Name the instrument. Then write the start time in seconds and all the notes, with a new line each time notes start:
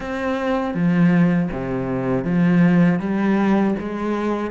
cello
0.00 C4
0.74 F3
1.51 C3
2.24 F3
2.99 G3
3.79 G#3